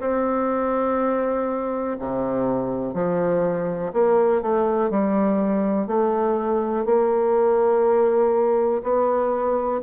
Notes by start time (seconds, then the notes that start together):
0.00 C4
1.99 C3
2.94 F3
3.93 A#3
4.42 A3
4.90 G3
5.87 A3
6.85 A#3
8.83 B3